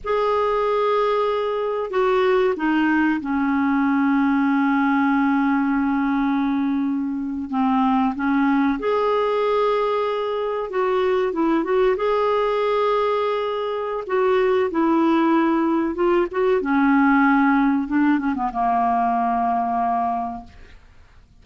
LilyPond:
\new Staff \with { instrumentName = "clarinet" } { \time 4/4 \tempo 4 = 94 gis'2. fis'4 | dis'4 cis'2.~ | cis'2.~ cis'8. c'16~ | c'8. cis'4 gis'2~ gis'16~ |
gis'8. fis'4 e'8 fis'8 gis'4~ gis'16~ | gis'2 fis'4 e'4~ | e'4 f'8 fis'8 cis'2 | d'8 cis'16 b16 ais2. | }